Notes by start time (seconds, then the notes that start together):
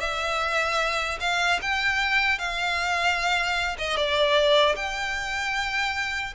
0.00 E5
1.20 F5
1.62 G5
2.38 F5
3.78 D#5
3.97 D5
4.75 G5